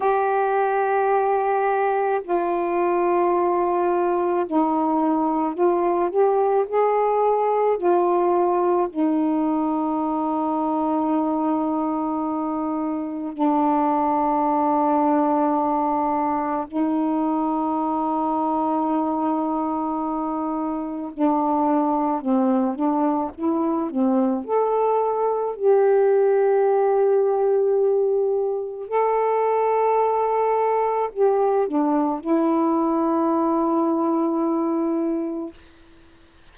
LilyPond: \new Staff \with { instrumentName = "saxophone" } { \time 4/4 \tempo 4 = 54 g'2 f'2 | dis'4 f'8 g'8 gis'4 f'4 | dis'1 | d'2. dis'4~ |
dis'2. d'4 | c'8 d'8 e'8 c'8 a'4 g'4~ | g'2 a'2 | g'8 d'8 e'2. | }